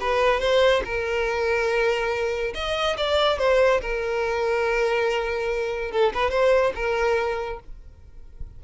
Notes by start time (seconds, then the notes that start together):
0.00 B4
0.40 C5
0.85 A#4
2.54 D#5
2.97 D5
3.38 C5
3.81 A#4
5.92 A4
6.14 B4
6.30 C5
6.75 A#4